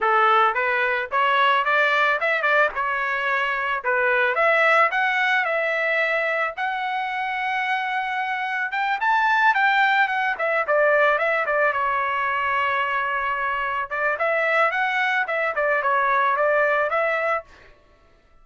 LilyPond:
\new Staff \with { instrumentName = "trumpet" } { \time 4/4 \tempo 4 = 110 a'4 b'4 cis''4 d''4 | e''8 d''8 cis''2 b'4 | e''4 fis''4 e''2 | fis''1 |
g''8 a''4 g''4 fis''8 e''8 d''8~ | d''8 e''8 d''8 cis''2~ cis''8~ | cis''4. d''8 e''4 fis''4 | e''8 d''8 cis''4 d''4 e''4 | }